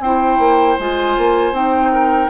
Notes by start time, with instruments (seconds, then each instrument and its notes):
0.00 bassoon C4, clarinet E4, oboe C5, flute G5
0.39 bassoon A#3
0.79 bassoon G#3, clarinet F4, flute G#5
1.18 bassoon A#3
1.52 bassoon C4, clarinet D#4, flute G5
1.92 oboe A#4